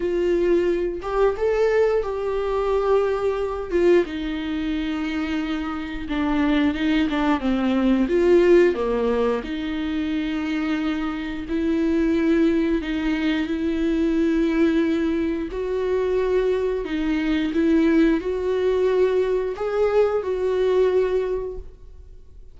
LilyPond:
\new Staff \with { instrumentName = "viola" } { \time 4/4 \tempo 4 = 89 f'4. g'8 a'4 g'4~ | g'4. f'8 dis'2~ | dis'4 d'4 dis'8 d'8 c'4 | f'4 ais4 dis'2~ |
dis'4 e'2 dis'4 | e'2. fis'4~ | fis'4 dis'4 e'4 fis'4~ | fis'4 gis'4 fis'2 | }